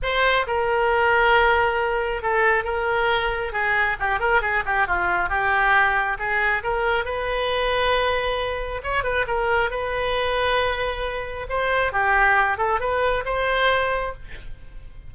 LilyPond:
\new Staff \with { instrumentName = "oboe" } { \time 4/4 \tempo 4 = 136 c''4 ais'2.~ | ais'4 a'4 ais'2 | gis'4 g'8 ais'8 gis'8 g'8 f'4 | g'2 gis'4 ais'4 |
b'1 | cis''8 b'8 ais'4 b'2~ | b'2 c''4 g'4~ | g'8 a'8 b'4 c''2 | }